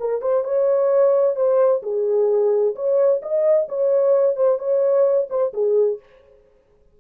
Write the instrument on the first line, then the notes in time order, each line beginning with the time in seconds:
horn
0.00 A#4
0.22 C5
0.44 C#5
1.36 C5
1.83 G#4
2.75 C#5
3.22 D#5
3.69 C#5
4.36 C5
4.59 C#5
5.30 C5
5.54 G#4